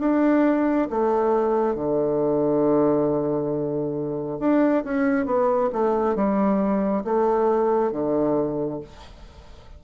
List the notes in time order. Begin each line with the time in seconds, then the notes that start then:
0.00 D4
0.91 A3
1.75 D3
4.40 D4
4.84 C#4
5.26 B3
5.73 A3
6.16 G3
7.05 A3
7.92 D3